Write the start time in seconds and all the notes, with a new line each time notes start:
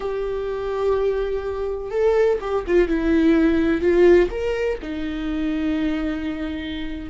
0.00 G4
1.90 A4
2.40 G4
2.67 F4
2.88 E4
3.81 F4
4.30 A#4
4.82 D#4